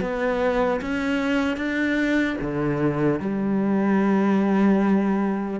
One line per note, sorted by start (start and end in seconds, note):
0.00 0.80 B3
0.81 1.56 C#4
1.56 2.36 D4
2.41 3.20 D3
3.20 5.60 G3